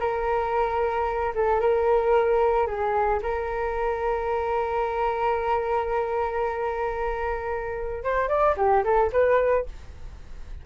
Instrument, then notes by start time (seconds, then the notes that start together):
flute
0.00 A#4
1.35 A4
1.60 A#4
2.67 G#4
3.23 A#4
8.04 C5
8.29 D5
8.57 G4
8.84 A4
9.13 B4